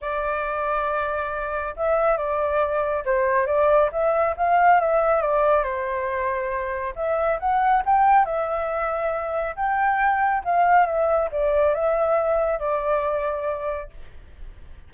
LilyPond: \new Staff \with { instrumentName = "flute" } { \time 4/4 \tempo 4 = 138 d''1 | e''4 d''2 c''4 | d''4 e''4 f''4 e''4 | d''4 c''2. |
e''4 fis''4 g''4 e''4~ | e''2 g''2 | f''4 e''4 d''4 e''4~ | e''4 d''2. | }